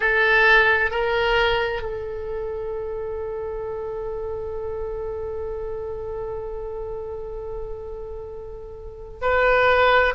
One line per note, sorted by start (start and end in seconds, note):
0.00 0.91 A4
0.91 1.82 A#4
1.82 9.20 A4
9.21 10.14 B4